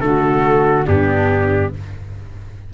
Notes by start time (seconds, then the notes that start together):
0.00 D3 A3 F#4 A4
0.86 G2 B3 D4 G4